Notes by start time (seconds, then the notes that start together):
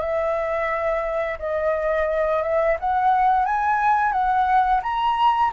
0.00 E5
1.39 D#5
2.43 E5
2.80 F#5
3.45 G#5
4.12 F#5
4.83 A#5